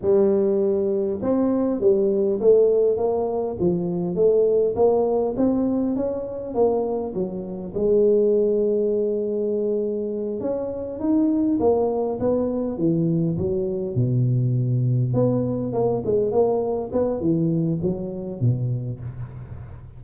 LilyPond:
\new Staff \with { instrumentName = "tuba" } { \time 4/4 \tempo 4 = 101 g2 c'4 g4 | a4 ais4 f4 a4 | ais4 c'4 cis'4 ais4 | fis4 gis2.~ |
gis4. cis'4 dis'4 ais8~ | ais8 b4 e4 fis4 b,8~ | b,4. b4 ais8 gis8 ais8~ | ais8 b8 e4 fis4 b,4 | }